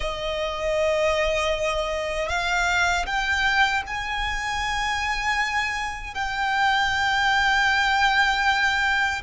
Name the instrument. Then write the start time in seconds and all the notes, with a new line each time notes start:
violin
0.00 D#5
2.28 F5
3.06 G5
3.86 G#5
6.14 G5